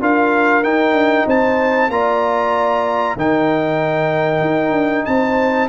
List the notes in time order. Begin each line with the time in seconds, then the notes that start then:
0.00 D4 F4 A#4 F5
0.63 D#4 G5
0.92 D4
1.26 C4 C5 A5
1.88 A#3 F4 D5 A#5
3.15 D#3 D#4 A#4 G5
4.40 D#4
4.72 D4
5.05 C4 C5 A5